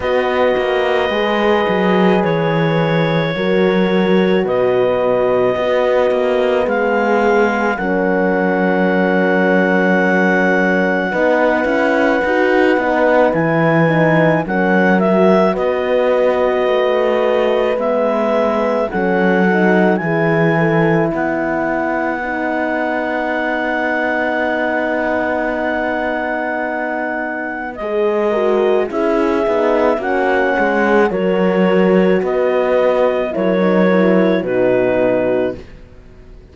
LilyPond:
<<
  \new Staff \with { instrumentName = "clarinet" } { \time 4/4 \tempo 4 = 54 dis''2 cis''2 | dis''2 f''4 fis''4~ | fis''1 | gis''4 fis''8 e''8 dis''2 |
e''4 fis''4 gis''4 fis''4~ | fis''1~ | fis''4 dis''4 e''4 fis''4 | cis''4 dis''4 cis''4 b'4 | }
  \new Staff \with { instrumentName = "horn" } { \time 4/4 b'2. ais'4 | b'4 fis'4 gis'4 ais'4~ | ais'2 b'2~ | b'4 ais'4 b'2~ |
b'4 a'4 gis'8 a'8 b'4~ | b'1~ | b'4. ais'8 gis'4 fis'8 gis'8 | ais'4 b'4 ais'4 fis'4 | }
  \new Staff \with { instrumentName = "horn" } { \time 4/4 fis'4 gis'2 fis'4~ | fis'4 b2 cis'4~ | cis'2 dis'8 e'8 fis'8 dis'8 | e'8 dis'8 cis'8 fis'2~ fis'8 |
b4 cis'8 dis'8 e'2 | dis'1~ | dis'4 gis'8 fis'8 e'8 dis'8 cis'4 | fis'2 e'16 dis'16 e'8 dis'4 | }
  \new Staff \with { instrumentName = "cello" } { \time 4/4 b8 ais8 gis8 fis8 e4 fis4 | b,4 b8 ais8 gis4 fis4~ | fis2 b8 cis'8 dis'8 b8 | e4 fis4 b4 a4 |
gis4 fis4 e4 b4~ | b1~ | b4 gis4 cis'8 b8 ais8 gis8 | fis4 b4 fis4 b,4 | }
>>